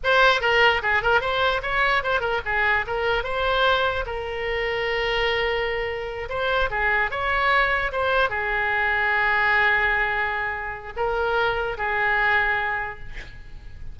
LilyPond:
\new Staff \with { instrumentName = "oboe" } { \time 4/4 \tempo 4 = 148 c''4 ais'4 gis'8 ais'8 c''4 | cis''4 c''8 ais'8 gis'4 ais'4 | c''2 ais'2~ | ais'2.~ ais'8 c''8~ |
c''8 gis'4 cis''2 c''8~ | c''8 gis'2.~ gis'8~ | gis'2. ais'4~ | ais'4 gis'2. | }